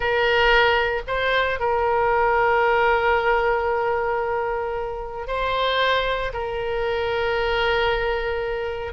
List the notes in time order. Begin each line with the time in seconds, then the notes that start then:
0.00 A#4
1.07 C5
1.59 A#4
5.27 C5
6.33 A#4